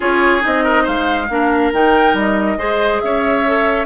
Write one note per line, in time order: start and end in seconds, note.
0.00 0.44 C#4
0.00 0.40 F4
0.00 0.64 G#4
0.00 0.44 C#5
0.40 0.87 C4
0.40 1.26 D#4
0.40 0.86 D#5
0.64 0.83 A#4
0.83 1.29 G#3
0.83 1.26 C5
0.83 1.72 F5
1.29 1.72 A#3
1.29 1.73 D4
1.29 2.58 A#4
1.73 2.13 D#3
1.73 2.58 D#4
1.73 2.17 G5
2.13 2.56 G3
2.13 3.00 D#5
2.57 3.00 G#3
2.57 3.44 G#4
2.57 3.01 C5
3.00 3.85 C#4
3.00 3.85 C#5
3.00 3.85 E5
3.47 3.85 A4